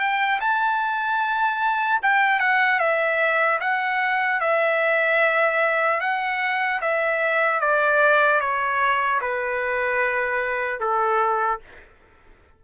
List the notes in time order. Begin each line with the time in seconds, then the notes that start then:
0.00 G5
0.41 A5
2.03 G5
2.40 F#5
2.79 E5
3.61 F#5
4.41 E5
6.01 F#5
6.81 E5
7.61 D5
8.41 C#5
9.21 B4
10.80 A4